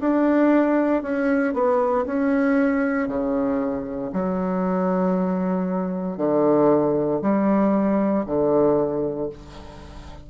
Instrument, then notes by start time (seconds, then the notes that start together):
bassoon
0.00 D4
1.03 C#4
1.53 B3
2.06 C#4
3.08 C#3
4.13 F#3
6.17 D3
7.21 G3
8.26 D3